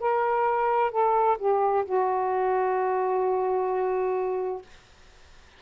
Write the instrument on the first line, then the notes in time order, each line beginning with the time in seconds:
saxophone
0.00 A#4
0.91 A4
1.38 G4
1.85 F#4